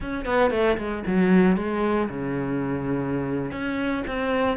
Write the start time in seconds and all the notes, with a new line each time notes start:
0.00 C#4
0.25 B3
0.51 A3
0.77 G#3
1.06 F#3
1.56 G#3
2.09 C#3
3.51 C#4
4.07 C4